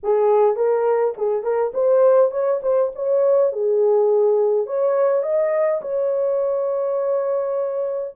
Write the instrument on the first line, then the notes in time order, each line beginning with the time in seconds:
horn
0.03 G#4
0.56 A#4
1.17 G#4
1.43 A#4
1.74 C5
2.31 C#5
2.62 C5
2.95 C#5
3.52 G#4
4.66 C#5
5.23 D#5
5.81 C#5